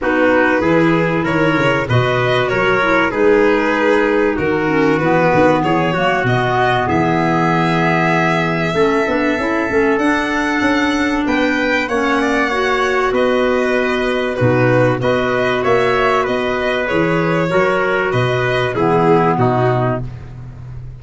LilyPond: <<
  \new Staff \with { instrumentName = "violin" } { \time 4/4 \tempo 4 = 96 b'2 cis''4 dis''4 | cis''4 b'2 ais'4 | b'4 cis''4 dis''4 e''4~ | e''1 |
fis''2 g''4 fis''4~ | fis''4 dis''2 b'4 | dis''4 e''4 dis''4 cis''4~ | cis''4 dis''4 gis'4 fis'4 | }
  \new Staff \with { instrumentName = "trumpet" } { \time 4/4 fis'4 gis'4 ais'4 b'4 | ais'4 gis'2 fis'4~ | fis'4 gis'8 fis'4. gis'4~ | gis'2 a'2~ |
a'2 b'4 cis''8 d''8 | cis''4 b'2 fis'4 | b'4 cis''4 b'2 | ais'4 b'4 e'4 dis'4 | }
  \new Staff \with { instrumentName = "clarinet" } { \time 4/4 dis'4 e'2 fis'4~ | fis'8 e'8 dis'2~ dis'8 cis'8 | b4. ais8 b2~ | b2 cis'8 d'8 e'8 cis'8 |
d'2. cis'4 | fis'2. dis'4 | fis'2. gis'4 | fis'2 b2 | }
  \new Staff \with { instrumentName = "tuba" } { \time 4/4 b4 e4 dis8 cis8 b,4 | fis4 gis2 dis4 | e8 dis8 e8 fis8 b,4 e4~ | e2 a8 b8 cis'8 a8 |
d'4 cis'4 b4 ais4~ | ais4 b2 b,4 | b4 ais4 b4 e4 | fis4 b,4 e4 b,4 | }
>>